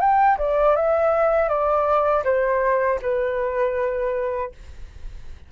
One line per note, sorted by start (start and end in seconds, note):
0.00 0.38 G5
0.38 0.75 D5
0.75 1.48 E5
1.48 2.23 D5
2.24 2.99 C5
3.01 4.51 B4